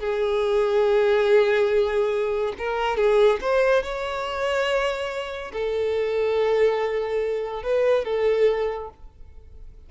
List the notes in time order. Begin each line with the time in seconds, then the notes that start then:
0.00 G#4
2.58 A#4
2.97 G#4
3.41 C5
3.83 C#5
5.53 A4
7.63 B4
8.05 A4